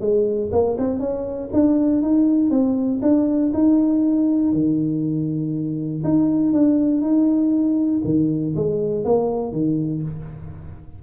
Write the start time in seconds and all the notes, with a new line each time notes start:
0.00 G#3
0.52 A#3
0.78 C4
0.99 C#4
1.52 D4
2.02 D#4
2.50 C4
3.02 D4
3.53 D#4
4.52 D#3
6.04 D#4
6.52 D4
7.01 D#4
8.04 D#3
8.55 G#3
9.04 A#3
9.52 D#3